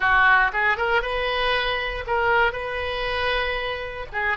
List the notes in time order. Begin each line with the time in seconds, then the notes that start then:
0.00 F#4
0.52 G#4
0.77 A#4
1.01 B4
2.07 A#4
2.52 B4
4.12 G#4